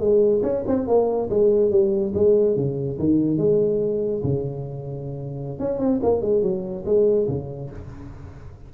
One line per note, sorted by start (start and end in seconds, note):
0.00 0.42 G#3
0.43 0.64 C#4
0.67 0.87 C4
0.87 1.29 A#3
1.30 1.71 G#3
1.71 2.13 G3
2.14 2.56 G#3
2.56 2.98 C#3
2.99 3.38 D#3
3.38 4.21 G#3
4.23 5.59 C#3
5.59 5.79 C#4
5.79 6.00 C4
6.02 6.22 A#3
6.22 6.42 G#3
6.42 6.84 F#3
6.85 7.27 G#3
7.28 7.70 C#3